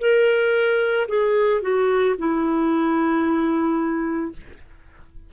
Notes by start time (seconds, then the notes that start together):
0.00 A#4
1.08 G#4
1.62 F#4
2.18 E4